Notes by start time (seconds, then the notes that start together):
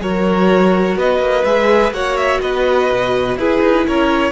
0.00 F#3 F#4 A#4 C#5
0.96 B3 B4 D#5
1.20 A#3
1.45 G#3 G#4 E5
1.91 A#3 F#4 C#5 F#5
2.17 E5
2.41 B3 B4 D#5
2.92 B2
3.36 E4 G#4 B4
3.61 D#4
3.88 C#4 A#4 C#5